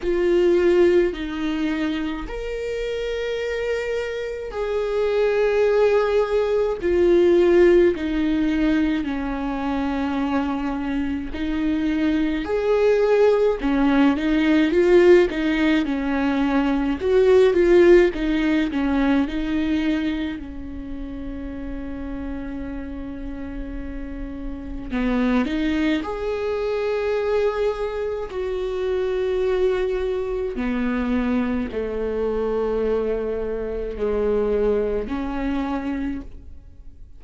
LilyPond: \new Staff \with { instrumentName = "viola" } { \time 4/4 \tempo 4 = 53 f'4 dis'4 ais'2 | gis'2 f'4 dis'4 | cis'2 dis'4 gis'4 | cis'8 dis'8 f'8 dis'8 cis'4 fis'8 f'8 |
dis'8 cis'8 dis'4 cis'2~ | cis'2 b8 dis'8 gis'4~ | gis'4 fis'2 b4 | a2 gis4 cis'4 | }